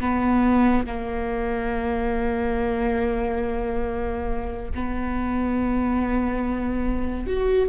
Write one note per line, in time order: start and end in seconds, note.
0.00 0.86 B3
0.86 4.72 A#3
4.75 7.27 B3
7.27 7.69 F#4